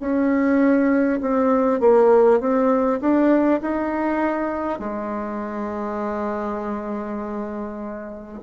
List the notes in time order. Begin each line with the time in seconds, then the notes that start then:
0.00 C#4
1.20 C4
1.79 A#3
2.39 C4
3.00 D4
3.61 D#4
4.79 G#3